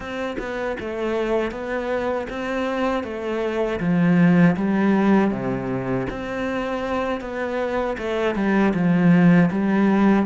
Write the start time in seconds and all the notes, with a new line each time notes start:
0.00 C4
0.38 B3
0.79 A3
1.51 B3
2.29 C4
3.03 A3
3.80 F3
4.56 G3
5.30 C3
6.10 C4
7.20 B3
7.97 A3
8.35 G3
8.73 F3
9.50 G3